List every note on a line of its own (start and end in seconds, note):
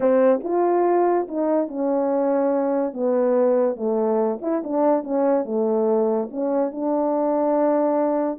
0.00 0.40 C4
0.43 1.27 F4
1.28 1.68 D#4
1.68 2.93 C#4
2.93 3.76 B3
3.76 4.38 A3
4.41 4.62 E4
4.63 5.03 D4
5.03 5.44 C#4
5.44 6.28 A3
6.31 6.71 C#4
6.71 8.39 D4